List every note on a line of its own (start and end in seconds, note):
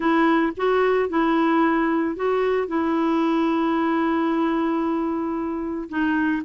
0.00 0.52 E4
0.56 1.09 F#4
1.09 2.16 E4
2.16 2.67 F#4
2.67 5.89 E4
5.89 6.43 D#4